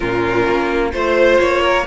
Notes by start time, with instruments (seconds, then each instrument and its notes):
0.00 cello A#2, viola C#4, violin F4 A#4
0.46 cello A#3
0.92 cello A3, viola F4, violin C5
1.39 cello A#3, violin C#5
1.61 violin A#4